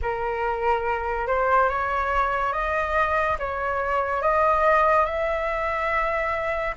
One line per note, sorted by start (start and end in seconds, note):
0.02 1.27 A#4
1.27 1.69 C5
1.69 2.52 C#5
2.52 3.37 D#5
3.38 4.21 C#5
4.21 5.05 D#5
5.05 6.74 E5